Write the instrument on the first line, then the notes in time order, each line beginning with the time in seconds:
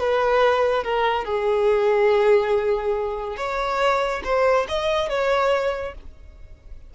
violin
0.00 B4
0.84 A#4
1.25 G#4
3.37 C#5
4.24 C5
4.69 D#5
5.10 C#5